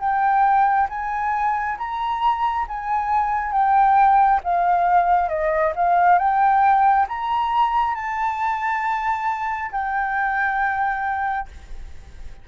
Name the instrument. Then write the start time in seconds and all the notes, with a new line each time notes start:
flute
0.00 G5
0.89 G#5
1.78 A#5
2.68 G#5
3.52 G5
4.44 F5
5.29 D#5
5.76 F5
6.19 G5
7.09 A#5
7.95 A5
9.72 G5